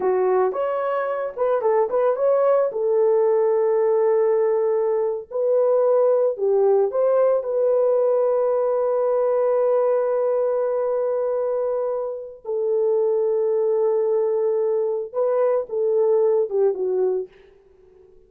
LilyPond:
\new Staff \with { instrumentName = "horn" } { \time 4/4 \tempo 4 = 111 fis'4 cis''4. b'8 a'8 b'8 | cis''4 a'2.~ | a'4.~ a'16 b'2 g'16~ | g'8. c''4 b'2~ b'16~ |
b'1~ | b'2. a'4~ | a'1 | b'4 a'4. g'8 fis'4 | }